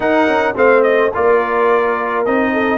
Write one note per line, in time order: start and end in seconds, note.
0.00 0.27 D#4
0.00 0.55 D#4
0.00 0.56 A#4
0.00 0.55 F#5
0.27 0.55 C#4
0.55 1.12 A3
0.55 1.11 C4
0.55 1.13 C5
0.55 0.83 F5
0.83 1.11 D#5
1.14 2.26 A#3
1.14 2.26 F4
1.14 2.52 A#4
1.14 2.25 D5
2.25 2.77 C4
2.25 2.77 D#4
2.25 2.77 D#5
2.52 2.77 A4